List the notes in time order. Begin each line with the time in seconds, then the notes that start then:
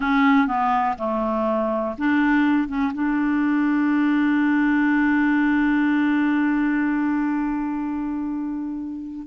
0.00 C#4
0.47 B3
0.98 A3
1.98 D4
2.68 C#4
2.93 D4